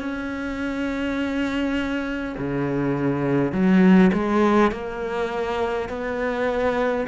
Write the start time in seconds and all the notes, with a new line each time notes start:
0.00 C#4
2.38 C#3
3.52 F#3
4.13 G#3
4.72 A#3
5.89 B3